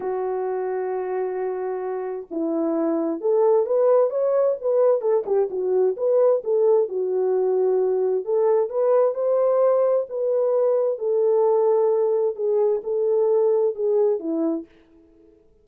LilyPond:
\new Staff \with { instrumentName = "horn" } { \time 4/4 \tempo 4 = 131 fis'1~ | fis'4 e'2 a'4 | b'4 cis''4 b'4 a'8 g'8 | fis'4 b'4 a'4 fis'4~ |
fis'2 a'4 b'4 | c''2 b'2 | a'2. gis'4 | a'2 gis'4 e'4 | }